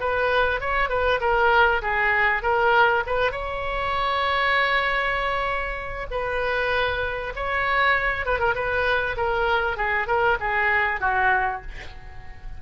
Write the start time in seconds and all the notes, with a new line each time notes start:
0.00 B4
0.60 C#5
0.89 B4
1.20 A#4
1.82 G#4
2.43 A#4
3.06 B4
3.31 C#5
6.11 B4
7.36 C#5
8.26 B4
8.39 A#4
8.55 B4
9.17 A#4
9.77 G#4
10.07 A#4
10.40 G#4
11.00 F#4